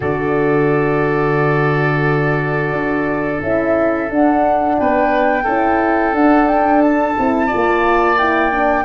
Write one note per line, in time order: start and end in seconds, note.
0.00 2.71 D3
0.00 3.36 F#4
0.00 4.75 A4
0.00 3.42 D5
2.71 3.39 D4
3.41 4.09 C#4
3.41 4.08 E4
3.41 4.10 E5
4.08 5.44 D4
4.08 4.77 D4
4.08 4.78 F#5
4.78 5.45 B3
4.78 5.43 B4
4.78 6.14 G5
5.43 6.13 C#4
5.43 6.13 E4
5.43 7.46 A4
6.13 7.15 D4
6.13 7.16 D4
6.13 6.47 F#5
6.47 6.81 G5
6.81 8.18 A5
7.17 7.52 C4
7.17 7.49 E4
7.46 8.17 F4
7.46 8.83 D5
7.54 8.85 A#3
8.18 8.51 E4
8.18 8.85 G5
8.51 8.85 D4